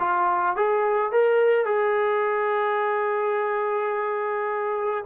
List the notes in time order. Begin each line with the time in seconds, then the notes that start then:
0.00 F4
0.56 G#4
1.12 A#4
1.65 G#4